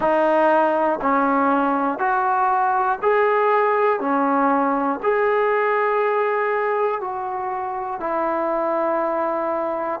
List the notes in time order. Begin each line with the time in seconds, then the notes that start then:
0.00 D#4
1.01 C#4
1.99 F#4
3.01 G#4
4.00 C#4
5.02 G#4
7.00 F#4
8.00 E4